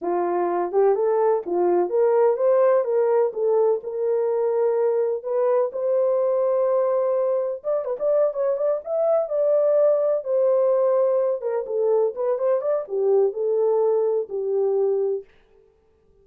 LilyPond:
\new Staff \with { instrumentName = "horn" } { \time 4/4 \tempo 4 = 126 f'4. g'8 a'4 f'4 | ais'4 c''4 ais'4 a'4 | ais'2. b'4 | c''1 |
d''8 b'16 d''8. cis''8 d''8 e''4 d''8~ | d''4. c''2~ c''8 | ais'8 a'4 b'8 c''8 d''8 g'4 | a'2 g'2 | }